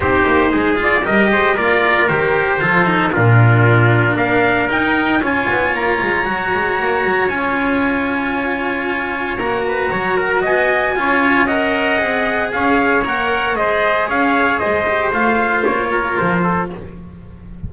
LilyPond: <<
  \new Staff \with { instrumentName = "trumpet" } { \time 4/4 \tempo 4 = 115 c''4. d''8 dis''4 d''4 | c''2 ais'2 | f''4 g''4 gis''4 ais''4~ | ais''2 gis''2~ |
gis''2 ais''2 | gis''2 fis''2 | f''4 fis''4 dis''4 f''4 | dis''4 f''4 cis''4 c''4 | }
  \new Staff \with { instrumentName = "trumpet" } { \time 4/4 g'4 gis'4 ais'8 c''8 ais'4~ | ais'4 a'4 f'2 | ais'2 cis''2~ | cis''1~ |
cis''2~ cis''8 b'8 cis''8 ais'8 | dis''4 cis''4 dis''2 | cis''2 c''4 cis''4 | c''2~ c''8 ais'4 a'8 | }
  \new Staff \with { instrumentName = "cello" } { \time 4/4 dis'4. f'8 g'4 f'4 | g'4 f'8 dis'8 d'2~ | d'4 dis'4 f'2 | fis'2 f'2~ |
f'2 fis'2~ | fis'4 f'4 ais'4 gis'4~ | gis'4 ais'4 gis'2~ | gis'8 g'8 f'2. | }
  \new Staff \with { instrumentName = "double bass" } { \time 4/4 c'8 ais8 gis4 g8 gis8 ais4 | dis4 f4 ais,2 | ais4 dis'4 cis'8 b8 ais8 gis8 | fis8 gis8 ais8 fis8 cis'2~ |
cis'2 ais4 fis4 | b4 cis'2 c'4 | cis'4 ais4 gis4 cis'4 | gis4 a4 ais4 f4 | }
>>